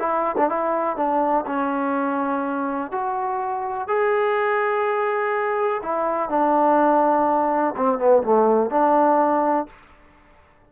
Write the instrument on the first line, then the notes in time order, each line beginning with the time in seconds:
trombone
0.00 E4
0.38 D4
0.50 E4
0.97 D4
1.46 C#4
2.92 F#4
3.88 G#4
5.83 E4
6.30 D4
7.77 C4
7.99 B3
8.23 A3
8.70 D4